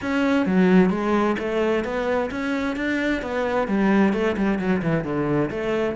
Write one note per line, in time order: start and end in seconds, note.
0.01 0.46 C#4
0.46 0.90 F#3
0.90 1.36 G#3
1.38 1.84 A3
1.84 2.30 B3
2.30 2.76 C#4
2.76 3.22 D4
3.22 3.67 B3
3.67 4.13 G3
4.13 4.36 A3
4.36 4.58 G3
4.58 4.81 F#3
4.82 5.04 E3
5.04 5.50 D3
5.50 5.96 A3